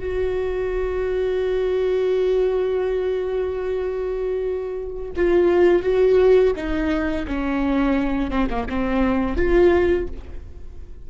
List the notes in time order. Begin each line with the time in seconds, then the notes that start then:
0.00 F#4
5.17 F4
5.83 F#4
6.56 D#4
7.28 C#4
8.31 C4
8.50 A#3
8.70 C4
9.37 F4